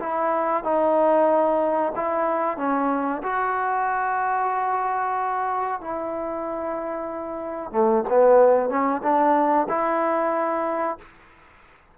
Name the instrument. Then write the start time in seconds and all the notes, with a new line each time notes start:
trombone
0.00 E4
0.64 D#4
1.96 E4
2.58 C#4
3.23 F#4
5.81 E4
7.72 A3
8.09 B3
8.70 C#4
9.03 D4
9.69 E4